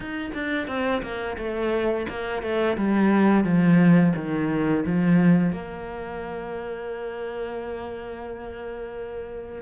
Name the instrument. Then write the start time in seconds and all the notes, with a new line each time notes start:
cello
0.00 D#4
0.34 D4
0.67 C4
1.02 A#3
1.37 A3
2.09 A#3
2.42 A3
2.77 G3
3.44 F3
4.15 D#3
4.85 F3
5.52 A#3